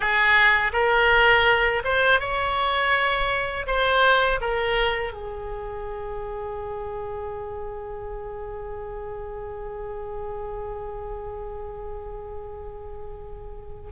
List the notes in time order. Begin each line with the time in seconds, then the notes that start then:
0.00 G#4
0.73 A#4
1.84 C5
2.20 C#5
3.67 C5
4.41 A#4
5.13 G#4